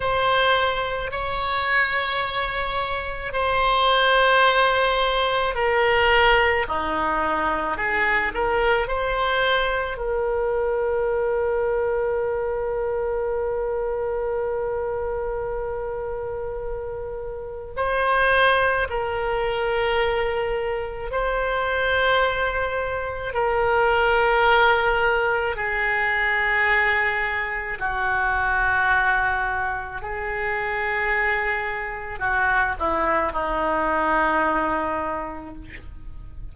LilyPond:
\new Staff \with { instrumentName = "oboe" } { \time 4/4 \tempo 4 = 54 c''4 cis''2 c''4~ | c''4 ais'4 dis'4 gis'8 ais'8 | c''4 ais'2.~ | ais'1 |
c''4 ais'2 c''4~ | c''4 ais'2 gis'4~ | gis'4 fis'2 gis'4~ | gis'4 fis'8 e'8 dis'2 | }